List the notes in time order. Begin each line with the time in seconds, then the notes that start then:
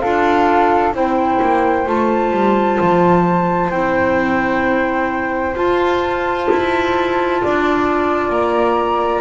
0.00 D4 F4 A4 F5
0.93 C4 E4 C5 G5
1.41 A#3
1.85 A3 F4 A5
2.31 G3
2.80 F3
3.70 C4 E4 G5
5.54 F4 A5
6.50 E4
7.42 D4 D5
8.29 A#3 A#5